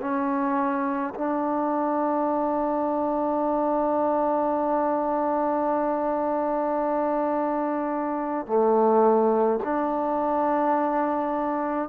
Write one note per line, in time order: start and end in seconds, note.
0.00 1.13 C#4
1.14 8.46 D4
8.46 9.60 A3
9.64 11.89 D4